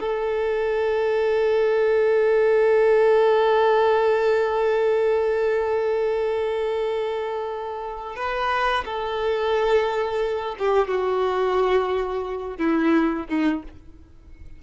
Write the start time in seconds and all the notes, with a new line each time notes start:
0.00 A4
8.16 B4
8.85 A4
10.59 G4
10.88 F#4
12.58 E4
13.29 D#4